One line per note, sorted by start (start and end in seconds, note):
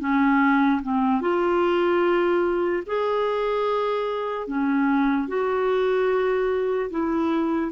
0.00 0.81 C#4
0.83 1.21 C4
1.21 2.83 F4
2.86 4.47 G#4
4.47 5.28 C#4
5.28 6.90 F#4
6.91 7.72 E4